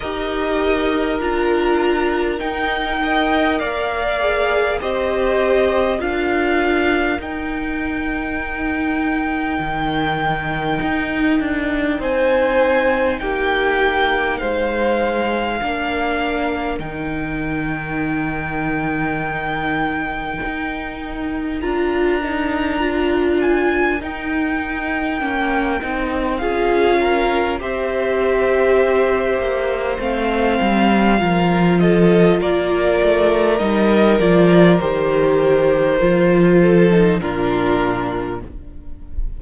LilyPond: <<
  \new Staff \with { instrumentName = "violin" } { \time 4/4 \tempo 4 = 50 dis''4 ais''4 g''4 f''4 | dis''4 f''4 g''2~ | g''2 gis''4 g''4 | f''2 g''2~ |
g''2 ais''4. gis''8 | g''2 f''4 e''4~ | e''4 f''4. dis''8 d''4 | dis''8 d''8 c''2 ais'4 | }
  \new Staff \with { instrumentName = "violin" } { \time 4/4 ais'2~ ais'8 dis''8 d''4 | c''4 ais'2.~ | ais'2 c''4 g'4 | c''4 ais'2.~ |
ais'1~ | ais'2 gis'8 ais'8 c''4~ | c''2 ais'8 a'8 ais'4~ | ais'2~ ais'8 a'8 f'4 | }
  \new Staff \with { instrumentName = "viola" } { \time 4/4 g'4 f'4 dis'8 ais'4 gis'8 | g'4 f'4 dis'2~ | dis'1~ | dis'4 d'4 dis'2~ |
dis'2 f'8 dis'8 f'4 | dis'4 cis'8 dis'8 f'4 g'4~ | g'4 c'4 f'2 | dis'8 f'8 g'4 f'8. dis'16 d'4 | }
  \new Staff \with { instrumentName = "cello" } { \time 4/4 dis'4 d'4 dis'4 ais4 | c'4 d'4 dis'2 | dis4 dis'8 d'8 c'4 ais4 | gis4 ais4 dis2~ |
dis4 dis'4 d'2 | dis'4 ais8 c'8 cis'4 c'4~ | c'8 ais8 a8 g8 f4 ais8 a8 | g8 f8 dis4 f4 ais,4 | }
>>